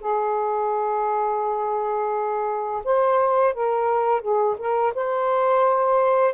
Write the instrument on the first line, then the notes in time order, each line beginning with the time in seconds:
saxophone
0.00 G#4
2.84 C5
3.54 A#4
4.21 G#4
4.58 A#4
4.94 C5